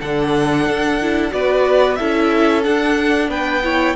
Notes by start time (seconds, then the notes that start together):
0.00 D3 D4 A4 F#5
0.66 D4
1.01 E4
1.30 B3 F#4 B4 D5
1.95 C#4 E4 A4 E5
2.62 D4 F#5
3.28 B3 B4 G5
3.63 E4 C#5